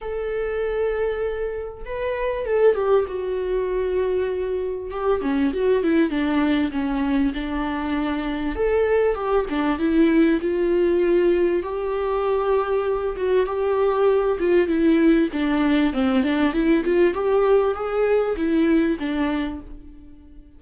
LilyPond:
\new Staff \with { instrumentName = "viola" } { \time 4/4 \tempo 4 = 98 a'2. b'4 | a'8 g'8 fis'2. | g'8 cis'8 fis'8 e'8 d'4 cis'4 | d'2 a'4 g'8 d'8 |
e'4 f'2 g'4~ | g'4. fis'8 g'4. f'8 | e'4 d'4 c'8 d'8 e'8 f'8 | g'4 gis'4 e'4 d'4 | }